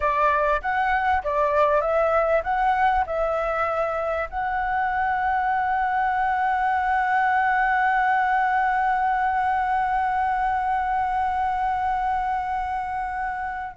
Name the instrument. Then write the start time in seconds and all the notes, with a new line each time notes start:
flute
0.00 D5
0.61 F#5
1.23 D5
1.81 E5
2.43 F#5
3.06 E5
4.29 F#5